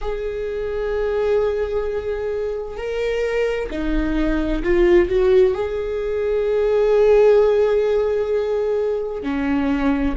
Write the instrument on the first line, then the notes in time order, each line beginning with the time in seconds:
viola
0.01 G#4
2.77 A#4
3.70 D#4
4.63 F4
5.09 F#4
5.54 G#4
9.22 C#4